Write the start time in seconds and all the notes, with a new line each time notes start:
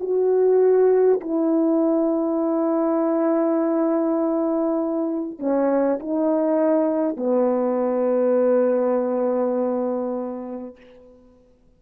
0.00 F#4
1.21 E4
5.39 C#4
6.00 D#4
7.17 B3